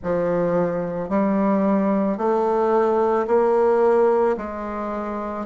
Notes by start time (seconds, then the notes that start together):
0.03 F3
1.09 G3
2.17 A3
3.27 A#3
4.37 G#3